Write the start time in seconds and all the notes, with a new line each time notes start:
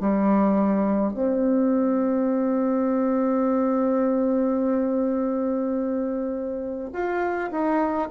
0.00 G3
1.13 C4
6.92 F4
7.51 D#4